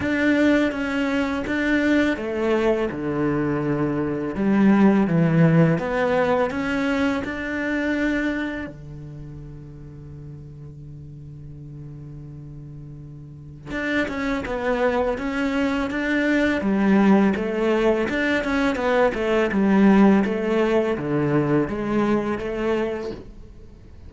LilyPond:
\new Staff \with { instrumentName = "cello" } { \time 4/4 \tempo 4 = 83 d'4 cis'4 d'4 a4 | d2 g4 e4 | b4 cis'4 d'2 | d1~ |
d2. d'8 cis'8 | b4 cis'4 d'4 g4 | a4 d'8 cis'8 b8 a8 g4 | a4 d4 gis4 a4 | }